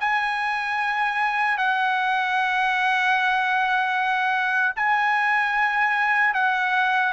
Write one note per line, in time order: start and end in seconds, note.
0.00 1.58 G#5
1.58 4.73 F#5
4.76 6.34 G#5
6.34 7.13 F#5